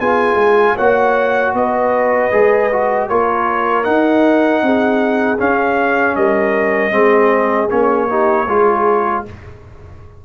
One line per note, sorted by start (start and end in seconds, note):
0.00 0.35 B3
0.00 0.77 F4
0.00 0.75 G#4
0.00 0.77 G#5
0.35 0.74 G#3
0.75 1.54 A#3
0.75 2.32 F#4
0.75 1.52 C#5
0.75 1.54 F#5
1.54 2.31 B3
1.54 3.10 B4
1.54 3.08 D#5
2.32 3.10 G#3
2.32 2.70 G#4
2.72 3.10 F#4
3.08 3.87 A#3
3.08 3.84 F4
3.08 4.64 A#4
3.08 3.84 C#5
3.84 5.38 D#4
3.84 4.62 D#4
3.84 5.38 F#5
4.62 5.39 C4
4.62 6.17 G#4
5.39 6.91 C#4
5.39 6.16 C#4
5.39 6.16 F5
6.16 6.92 G3
6.16 6.94 A#4
6.16 7.70 D#5
6.91 7.69 G#3
6.91 7.68 C4
6.91 8.09 G#4
7.70 8.47 A#3
7.70 8.08 C#4
7.70 9.24 C#5
8.09 8.47 D#4
8.09 8.47 G4
8.47 9.24 G#3
8.47 9.25 F4
8.47 9.24 G#4